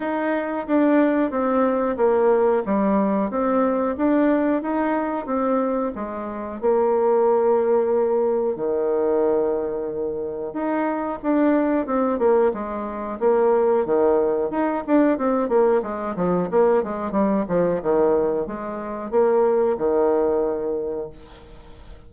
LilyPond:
\new Staff \with { instrumentName = "bassoon" } { \time 4/4 \tempo 4 = 91 dis'4 d'4 c'4 ais4 | g4 c'4 d'4 dis'4 | c'4 gis4 ais2~ | ais4 dis2. |
dis'4 d'4 c'8 ais8 gis4 | ais4 dis4 dis'8 d'8 c'8 ais8 | gis8 f8 ais8 gis8 g8 f8 dis4 | gis4 ais4 dis2 | }